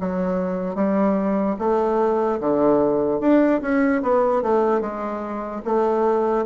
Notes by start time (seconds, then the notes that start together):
0.00 F#3
0.75 G3
1.59 A3
2.40 D3
3.20 D4
3.62 C#4
4.02 B3
4.42 A3
4.81 G#3
5.65 A3